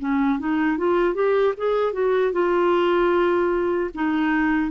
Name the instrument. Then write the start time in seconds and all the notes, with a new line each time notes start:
clarinet
0.00 C#4
0.39 D#4
0.78 F4
1.14 G4
1.58 G#4
1.93 F#4
2.33 F4
3.95 D#4